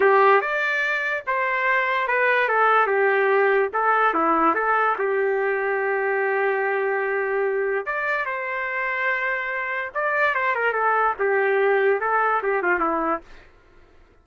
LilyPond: \new Staff \with { instrumentName = "trumpet" } { \time 4/4 \tempo 4 = 145 g'4 d''2 c''4~ | c''4 b'4 a'4 g'4~ | g'4 a'4 e'4 a'4 | g'1~ |
g'2. d''4 | c''1 | d''4 c''8 ais'8 a'4 g'4~ | g'4 a'4 g'8 f'8 e'4 | }